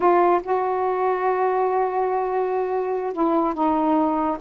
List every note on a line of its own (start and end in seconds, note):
0.00 0.41 F4
0.42 3.12 F#4
3.12 3.54 E4
3.54 4.37 D#4